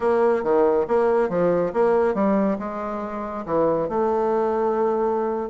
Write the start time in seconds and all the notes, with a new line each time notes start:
0.00 A#3
0.43 D#3
0.87 A#3
1.29 F3
1.73 A#3
2.14 G3
2.58 G#3
3.45 E3
3.88 A3